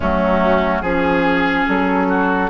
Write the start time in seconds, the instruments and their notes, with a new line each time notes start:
0.00 bassoon F#3, clarinet A3, oboe C#4, flute F#4
0.81 bassoon F3, clarinet C#4, flute G#4, oboe G#4
1.68 bassoon F#3, flute A4
2.08 oboe F#4